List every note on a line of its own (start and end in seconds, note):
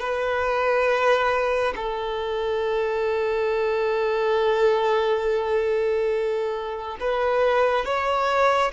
0.00 1.74 B4
1.76 6.98 A4
7.00 7.85 B4
7.85 8.72 C#5